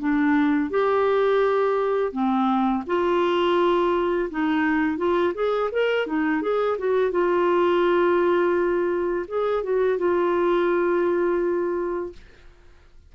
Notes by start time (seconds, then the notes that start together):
0.00 D4
0.71 G4
2.13 C4
2.87 F4
4.31 D#4
4.98 F4
5.35 G#4
5.72 A#4
6.07 D#4
6.42 G#4
6.79 F#4
7.12 F4
9.29 G#4
9.64 F#4
9.99 F4